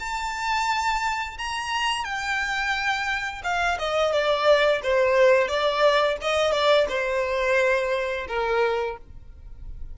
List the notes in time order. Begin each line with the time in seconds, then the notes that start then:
0.00 A5
1.39 A#5
2.04 G5
3.44 F5
3.79 D#5
4.13 D5
4.83 C5
5.48 D5
6.22 D#5
6.52 D5
6.89 C5
8.28 A#4